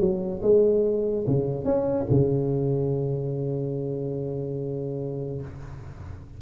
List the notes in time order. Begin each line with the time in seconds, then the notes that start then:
0.00 F#3
0.43 G#3
1.28 C#3
1.65 C#4
2.11 C#3